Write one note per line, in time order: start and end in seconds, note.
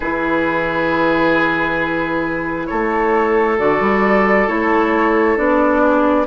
0.00 2.68 E3
0.00 3.58 E4
0.00 2.66 G#4
0.00 2.66 B4
2.66 3.59 A3
2.66 5.82 A4
2.66 3.56 C#5
3.58 3.80 D3
3.58 4.48 F#4
3.58 4.47 D5
3.80 4.47 G3
4.47 5.37 A3
4.47 5.36 E4
4.47 5.37 C#5
5.36 6.26 B3
5.36 6.26 D4
5.36 6.26 D5
5.82 6.26 G#4